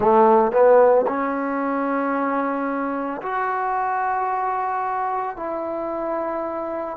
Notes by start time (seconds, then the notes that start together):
0.00 A3
0.52 B3
1.07 C#4
3.21 F#4
5.36 E4